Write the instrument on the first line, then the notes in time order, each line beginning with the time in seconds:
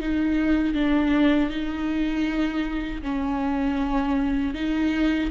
viola
0.00 D#4
0.75 D4
1.50 D#4
3.02 C#4
4.54 D#4